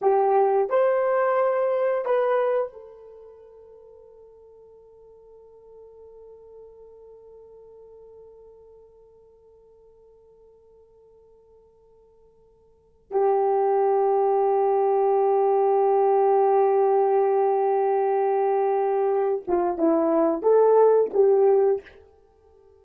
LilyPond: \new Staff \with { instrumentName = "horn" } { \time 4/4 \tempo 4 = 88 g'4 c''2 b'4 | a'1~ | a'1~ | a'1~ |
a'2.~ a'16 g'8.~ | g'1~ | g'1~ | g'8 f'8 e'4 a'4 g'4 | }